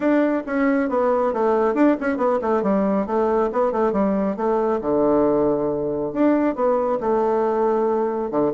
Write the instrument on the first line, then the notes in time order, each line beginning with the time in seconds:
bassoon
0.00 D4
0.46 C#4
0.89 B3
1.33 A3
1.74 D4
2.00 C#4
2.17 B3
2.41 A3
2.63 G3
3.06 A3
3.52 B3
3.72 A3
3.92 G3
4.36 A3
4.81 D3
6.12 D4
6.55 B3
7.00 A3
8.31 D3